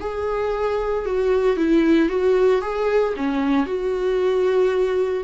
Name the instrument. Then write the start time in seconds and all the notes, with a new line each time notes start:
viola
0.00 G#4
1.06 F#4
1.56 E4
2.09 F#4
2.61 G#4
3.16 C#4
3.66 F#4